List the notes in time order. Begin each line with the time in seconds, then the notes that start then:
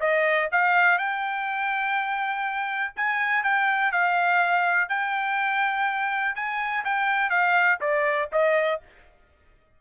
0.00 D#5
0.51 F5
0.98 G5
2.96 G#5
3.43 G5
3.91 F5
4.89 G5
6.35 G#5
6.84 G5
7.29 F5
7.80 D5
8.32 D#5